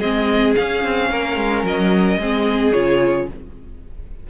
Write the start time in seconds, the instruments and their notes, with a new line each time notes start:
0.00 cello G#3, viola C4, violin G#4 D#5
0.56 cello C#4, viola C#4, violin F5
0.85 cello C4
1.11 cello A#3, violin A#4
1.37 cello G#3
1.63 cello F#3, violin D#5
2.18 cello G#3, viola C4, violin G#4
2.73 cello C#3, viola F4, violin C#5